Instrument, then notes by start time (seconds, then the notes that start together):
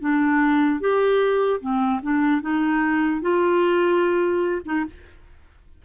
clarinet
0.00 D4
0.80 G4
1.60 C4
2.03 D4
2.41 D#4
3.21 F4
4.65 D#4